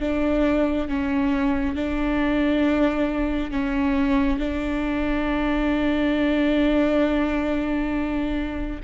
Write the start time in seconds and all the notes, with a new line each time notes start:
0.00 D4
0.88 C#4
1.76 D4
3.51 C#4
4.39 D4